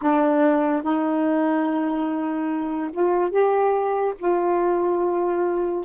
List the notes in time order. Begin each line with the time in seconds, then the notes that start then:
0.02 D4
0.82 D#4
2.92 F4
3.30 G4
4.19 F4